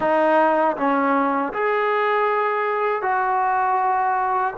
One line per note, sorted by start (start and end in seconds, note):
0.00 0.76 D#4
0.76 1.52 C#4
1.53 3.02 G#4
3.02 4.54 F#4